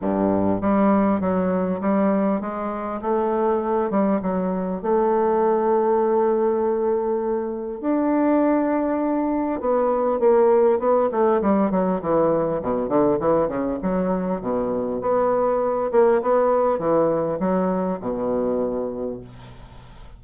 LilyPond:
\new Staff \with { instrumentName = "bassoon" } { \time 4/4 \tempo 4 = 100 g,4 g4 fis4 g4 | gis4 a4. g8 fis4 | a1~ | a4 d'2. |
b4 ais4 b8 a8 g8 fis8 | e4 b,8 d8 e8 cis8 fis4 | b,4 b4. ais8 b4 | e4 fis4 b,2 | }